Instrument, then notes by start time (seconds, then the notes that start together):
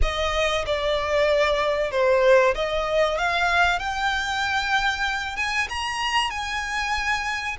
violin
0.02 D#5
0.65 D5
1.91 C5
2.54 D#5
3.18 F5
3.79 G5
5.36 G#5
5.69 A#5
6.30 G#5